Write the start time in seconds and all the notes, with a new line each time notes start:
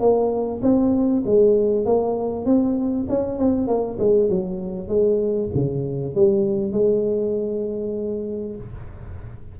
0.00 A#3
0.63 C4
1.26 G#3
1.86 A#3
2.46 C4
3.09 C#4
3.39 C4
3.68 A#3
3.99 G#3
4.30 F#3
4.88 G#3
5.55 C#3
6.15 G3
6.72 G#3